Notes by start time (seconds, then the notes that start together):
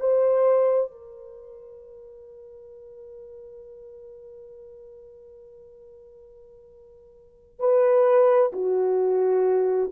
0.00 C5
0.91 A#4
7.60 B4
8.53 F#4